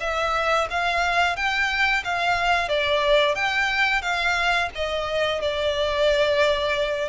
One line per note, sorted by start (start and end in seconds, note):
0.00 0.67 E5
0.70 1.36 F5
1.36 2.03 G5
2.04 2.68 F5
2.68 3.35 D5
3.35 4.01 G5
4.01 4.69 F5
4.75 5.41 D#5
5.41 7.08 D5